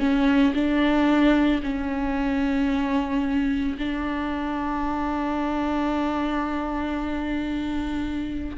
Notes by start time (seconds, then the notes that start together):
0.00 C#4
0.55 D4
1.63 C#4
3.79 D4